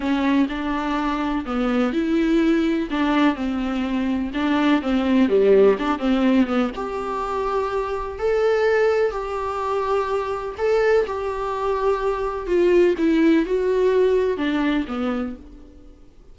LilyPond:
\new Staff \with { instrumentName = "viola" } { \time 4/4 \tempo 4 = 125 cis'4 d'2 b4 | e'2 d'4 c'4~ | c'4 d'4 c'4 g4 | d'8 c'4 b8 g'2~ |
g'4 a'2 g'4~ | g'2 a'4 g'4~ | g'2 f'4 e'4 | fis'2 d'4 b4 | }